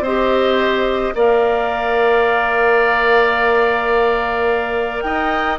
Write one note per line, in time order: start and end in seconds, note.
0.00 1.11 C4
0.00 1.14 C5
0.00 1.15 D#5
0.06 1.14 G4
1.14 5.03 A#3
1.14 5.59 A#4
1.14 5.04 D5
1.14 5.01 F5
5.01 5.59 D#4
5.01 5.59 D#5
5.01 5.57 G5